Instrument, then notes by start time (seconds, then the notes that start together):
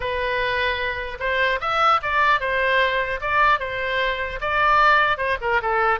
oboe
0.00 B4
1.19 C5
1.60 E5
2.02 D5
2.40 C5
3.21 D5
3.59 C5
4.41 D5
5.17 C5
5.41 A#4
5.61 A4